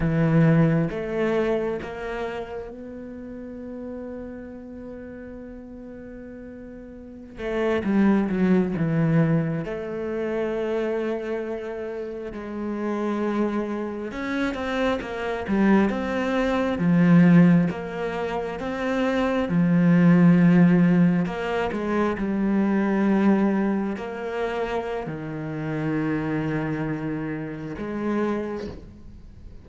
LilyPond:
\new Staff \with { instrumentName = "cello" } { \time 4/4 \tempo 4 = 67 e4 a4 ais4 b4~ | b1~ | b16 a8 g8 fis8 e4 a4~ a16~ | a4.~ a16 gis2 cis'16~ |
cis'16 c'8 ais8 g8 c'4 f4 ais16~ | ais8. c'4 f2 ais16~ | ais16 gis8 g2 ais4~ ais16 | dis2. gis4 | }